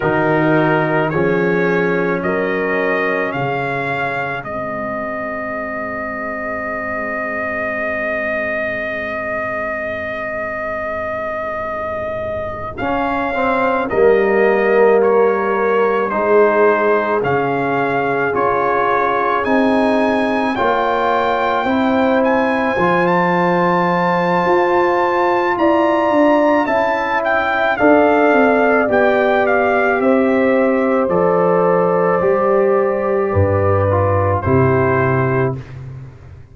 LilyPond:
<<
  \new Staff \with { instrumentName = "trumpet" } { \time 4/4 \tempo 4 = 54 ais'4 cis''4 dis''4 f''4 | dis''1~ | dis''2.~ dis''8 f''8~ | f''8 dis''4 cis''4 c''4 f''8~ |
f''8 cis''4 gis''4 g''4. | gis''8. a''2~ a''16 ais''4 | a''8 g''8 f''4 g''8 f''8 e''4 | d''2. c''4 | }
  \new Staff \with { instrumentName = "horn" } { \time 4/4 fis'4 gis'4 ais'4 gis'4~ | gis'1~ | gis'1~ | gis'8 ais'2 gis'4.~ |
gis'2~ gis'8 cis''4 c''8~ | c''2. d''4 | e''4 d''2 c''4~ | c''2 b'4 g'4 | }
  \new Staff \with { instrumentName = "trombone" } { \time 4/4 dis'4 cis'2. | c'1~ | c'2.~ c'8 cis'8 | c'8 ais2 dis'4 cis'8~ |
cis'8 f'4 dis'4 f'4 e'8~ | e'8 f'2.~ f'8 | e'4 a'4 g'2 | a'4 g'4. f'8 e'4 | }
  \new Staff \with { instrumentName = "tuba" } { \time 4/4 dis4 f4 fis4 cis4 | gis1~ | gis2.~ gis8 cis'8~ | cis'8 g2 gis4 cis8~ |
cis8 cis'4 c'4 ais4 c'8~ | c'8 f4. f'4 e'8 d'8 | cis'4 d'8 c'8 b4 c'4 | f4 g4 g,4 c4 | }
>>